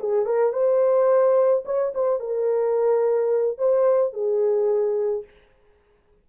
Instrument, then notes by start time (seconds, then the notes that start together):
horn
0.00 G#4
0.26 A#4
0.53 C5
1.65 C#5
1.95 C5
2.20 A#4
3.58 C5
4.14 G#4